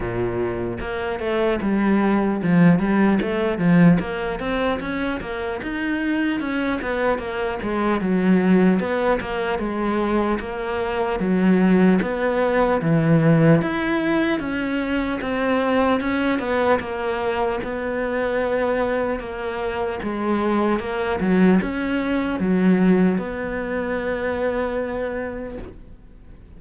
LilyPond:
\new Staff \with { instrumentName = "cello" } { \time 4/4 \tempo 4 = 75 ais,4 ais8 a8 g4 f8 g8 | a8 f8 ais8 c'8 cis'8 ais8 dis'4 | cis'8 b8 ais8 gis8 fis4 b8 ais8 | gis4 ais4 fis4 b4 |
e4 e'4 cis'4 c'4 | cis'8 b8 ais4 b2 | ais4 gis4 ais8 fis8 cis'4 | fis4 b2. | }